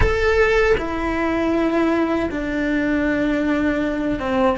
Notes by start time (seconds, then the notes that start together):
0.00 A4
0.77 E4
2.30 D4
4.19 C4